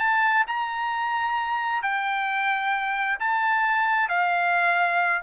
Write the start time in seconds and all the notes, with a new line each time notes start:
0.00 A5
0.48 A#5
1.83 G5
3.20 A5
4.09 F5